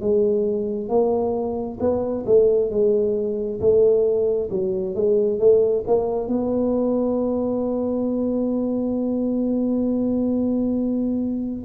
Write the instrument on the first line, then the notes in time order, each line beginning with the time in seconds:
tuba
0.00 G#3
0.89 A#3
1.80 B3
2.26 A3
2.70 G#3
3.60 A3
4.50 F#3
4.95 G#3
5.39 A3
5.87 A#3
6.27 B3